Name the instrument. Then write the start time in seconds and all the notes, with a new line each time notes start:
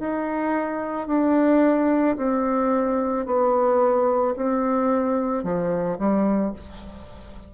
bassoon
0.00 D#4
1.08 D4
2.17 C4
3.26 B3
4.36 C4
5.44 F3
5.99 G3